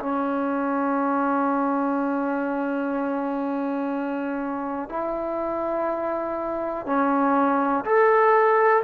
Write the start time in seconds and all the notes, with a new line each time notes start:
0.00 C#4
4.89 E4
6.86 C#4
7.85 A4